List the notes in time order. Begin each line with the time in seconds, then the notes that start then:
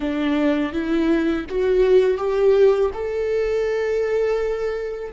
0.00 D4
0.72 E4
1.49 F#4
2.17 G4
2.93 A4